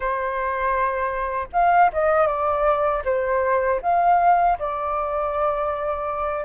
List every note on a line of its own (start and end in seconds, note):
0.00 1.47 C5
1.52 1.90 F5
1.92 2.26 D#5
2.26 3.02 D5
3.04 3.80 C5
3.82 4.58 F5
4.58 6.45 D5